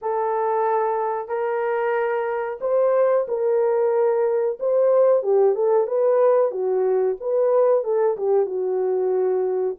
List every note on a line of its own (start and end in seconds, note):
0.01 1.28 A4
1.28 2.58 A#4
2.61 3.26 C5
3.28 4.58 A#4
4.59 5.22 C5
5.22 5.55 G4
5.55 5.87 A4
5.87 6.51 B4
6.51 7.16 F#4
7.20 7.84 B4
7.84 8.16 A4
8.17 8.45 G4
8.45 9.76 F#4